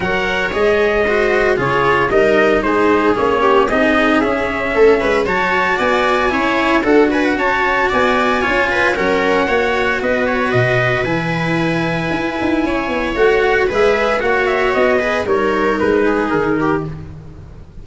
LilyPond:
<<
  \new Staff \with { instrumentName = "trumpet" } { \time 4/4 \tempo 4 = 114 fis''4 dis''2 cis''4 | dis''4 c''4 cis''4 dis''4 | e''2 a''4 gis''4~ | gis''4 fis''8 gis''16 fis''16 a''4 gis''4~ |
gis''4 fis''2 dis''8 cis''8 | dis''4 gis''2.~ | gis''4 fis''4 e''4 fis''8 e''8 | dis''4 cis''4 b'4 ais'4 | }
  \new Staff \with { instrumentName = "viola" } { \time 4/4 cis''2 c''4 gis'4 | ais'4 gis'4. g'8 gis'4~ | gis'4 a'8 b'8 cis''4 d''4 | cis''4 a'8 b'8 cis''4 d''4 |
cis''8 b'8 ais'4 cis''4 b'4~ | b'1 | cis''2 b'4 cis''4~ | cis''8 b'8 ais'4. gis'4 g'8 | }
  \new Staff \with { instrumentName = "cello" } { \time 4/4 ais'4 gis'4 fis'4 f'4 | dis'2 cis'4 dis'4 | cis'2 fis'2 | e'4 fis'2. |
f'4 cis'4 fis'2~ | fis'4 e'2.~ | e'4 fis'4 gis'4 fis'4~ | fis'8 gis'8 dis'2. | }
  \new Staff \with { instrumentName = "tuba" } { \time 4/4 fis4 gis2 cis4 | g4 gis4 ais4 c'4 | cis'4 a8 gis8 fis4 b4 | cis'4 d'4 cis'4 b4 |
cis'4 fis4 ais4 b4 | b,4 e2 e'8 dis'8 | cis'8 b8 a4 gis4 ais4 | b4 g4 gis4 dis4 | }
>>